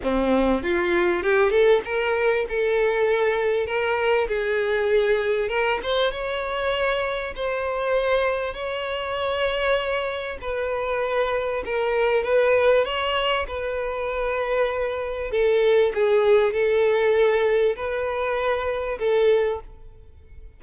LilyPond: \new Staff \with { instrumentName = "violin" } { \time 4/4 \tempo 4 = 98 c'4 f'4 g'8 a'8 ais'4 | a'2 ais'4 gis'4~ | gis'4 ais'8 c''8 cis''2 | c''2 cis''2~ |
cis''4 b'2 ais'4 | b'4 cis''4 b'2~ | b'4 a'4 gis'4 a'4~ | a'4 b'2 a'4 | }